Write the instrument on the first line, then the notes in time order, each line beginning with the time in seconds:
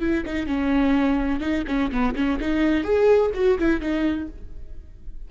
viola
0.00 E4
0.25 D#4
0.46 C#4
1.40 D#4
1.67 C#4
1.91 B3
2.15 C#4
2.40 D#4
2.83 G#4
3.34 F#4
3.58 E4
3.80 D#4